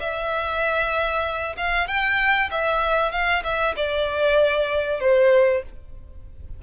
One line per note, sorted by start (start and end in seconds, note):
0.00 1.56 E5
1.57 1.88 F5
1.88 2.50 G5
2.51 3.12 E5
3.12 3.43 F5
3.44 3.75 E5
3.76 5.00 D5
5.00 5.63 C5